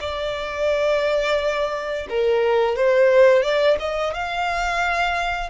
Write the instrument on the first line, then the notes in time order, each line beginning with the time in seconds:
violin
0.00 D5
2.09 A#4
2.76 C5
3.43 D5
3.79 D#5
4.14 F5